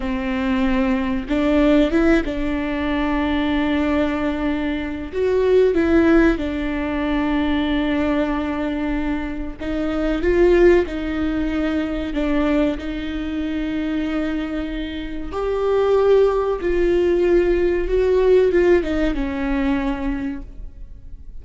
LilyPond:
\new Staff \with { instrumentName = "viola" } { \time 4/4 \tempo 4 = 94 c'2 d'4 e'8 d'8~ | d'1 | fis'4 e'4 d'2~ | d'2. dis'4 |
f'4 dis'2 d'4 | dis'1 | g'2 f'2 | fis'4 f'8 dis'8 cis'2 | }